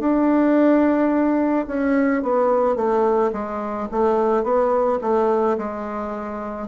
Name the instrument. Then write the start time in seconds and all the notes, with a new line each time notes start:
bassoon
0.00 D4
1.68 C#4
2.23 B3
2.76 A3
3.33 G#3
3.92 A3
4.44 B3
5.02 A3
5.58 G#3